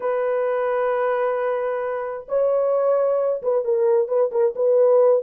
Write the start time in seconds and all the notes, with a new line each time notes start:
0.00 B4
2.28 C#5
3.42 B4
3.64 A#4
4.08 B4
4.31 A#4
4.55 B4